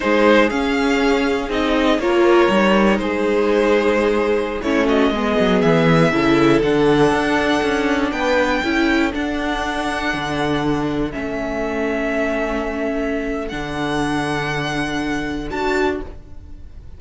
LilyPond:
<<
  \new Staff \with { instrumentName = "violin" } { \time 4/4 \tempo 4 = 120 c''4 f''2 dis''4 | cis''2 c''2~ | c''4~ c''16 cis''8 dis''4. e''8.~ | e''4~ e''16 fis''2~ fis''8.~ |
fis''16 g''2 fis''4.~ fis''16~ | fis''2~ fis''16 e''4.~ e''16~ | e''2. fis''4~ | fis''2. a''4 | }
  \new Staff \with { instrumentName = "violin" } { \time 4/4 gis'1 | ais'2 gis'2~ | gis'4~ gis'16 e'8 fis'8 gis'4.~ gis'16~ | gis'16 a'2.~ a'8.~ |
a'16 b'4 a'2~ a'8.~ | a'1~ | a'1~ | a'1 | }
  \new Staff \with { instrumentName = "viola" } { \time 4/4 dis'4 cis'2 dis'4 | f'4 dis'2.~ | dis'4~ dis'16 cis'4 b4.~ b16~ | b16 e'4 d'2~ d'8.~ |
d'4~ d'16 e'4 d'4.~ d'16~ | d'2~ d'16 cis'4.~ cis'16~ | cis'2. d'4~ | d'2. fis'4 | }
  \new Staff \with { instrumentName = "cello" } { \time 4/4 gis4 cis'2 c'4 | ais4 g4 gis2~ | gis4~ gis16 a4 gis8 fis8 e8.~ | e16 cis4 d4 d'4 cis'8.~ |
cis'16 b4 cis'4 d'4.~ d'16~ | d'16 d2 a4.~ a16~ | a2. d4~ | d2. d'4 | }
>>